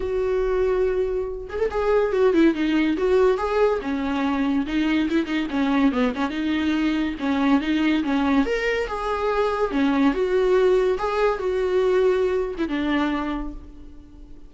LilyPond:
\new Staff \with { instrumentName = "viola" } { \time 4/4 \tempo 4 = 142 fis'2.~ fis'8 gis'16 a'16 | gis'4 fis'8 e'8 dis'4 fis'4 | gis'4 cis'2 dis'4 | e'8 dis'8 cis'4 b8 cis'8 dis'4~ |
dis'4 cis'4 dis'4 cis'4 | ais'4 gis'2 cis'4 | fis'2 gis'4 fis'4~ | fis'4.~ fis'16 e'16 d'2 | }